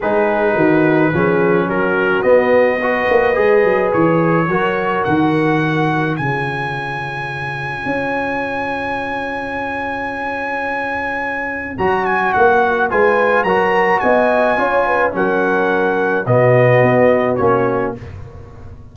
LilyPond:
<<
  \new Staff \with { instrumentName = "trumpet" } { \time 4/4 \tempo 4 = 107 b'2. ais'4 | dis''2. cis''4~ | cis''4 fis''2 gis''4~ | gis''1~ |
gis''1~ | gis''4 ais''8 gis''8 fis''4 gis''4 | ais''4 gis''2 fis''4~ | fis''4 dis''2 cis''4 | }
  \new Staff \with { instrumentName = "horn" } { \time 4/4 gis'4 fis'4 gis'4 fis'4~ | fis'4 b'2. | ais'2. cis''4~ | cis''1~ |
cis''1~ | cis''2. b'4 | ais'4 dis''4 cis''8 b'8 ais'4~ | ais'4 fis'2. | }
  \new Staff \with { instrumentName = "trombone" } { \time 4/4 dis'2 cis'2 | b4 fis'4 gis'2 | fis'2. f'4~ | f'1~ |
f'1~ | f'4 fis'2 f'4 | fis'2 f'4 cis'4~ | cis'4 b2 cis'4 | }
  \new Staff \with { instrumentName = "tuba" } { \time 4/4 gis4 dis4 f4 fis4 | b4. ais8 gis8 fis8 e4 | fis4 dis2 cis4~ | cis2 cis'2~ |
cis'1~ | cis'4 fis4 ais4 gis4 | fis4 b4 cis'4 fis4~ | fis4 b,4 b4 ais4 | }
>>